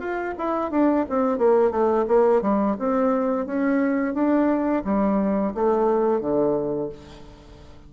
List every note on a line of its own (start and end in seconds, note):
0.00 0.34 F4
0.38 0.71 E4
0.71 1.05 D4
1.09 1.38 C4
1.38 1.71 A#3
1.71 2.05 A3
2.08 2.42 A#3
2.42 2.76 G3
2.79 3.46 C4
3.46 4.14 C#4
4.14 4.83 D4
4.85 5.54 G3
5.55 6.21 A3
6.21 6.90 D3